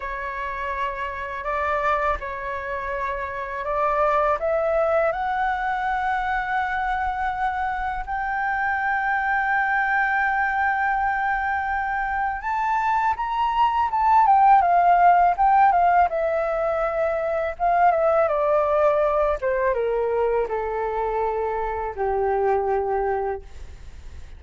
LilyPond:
\new Staff \with { instrumentName = "flute" } { \time 4/4 \tempo 4 = 82 cis''2 d''4 cis''4~ | cis''4 d''4 e''4 fis''4~ | fis''2. g''4~ | g''1~ |
g''4 a''4 ais''4 a''8 g''8 | f''4 g''8 f''8 e''2 | f''8 e''8 d''4. c''8 ais'4 | a'2 g'2 | }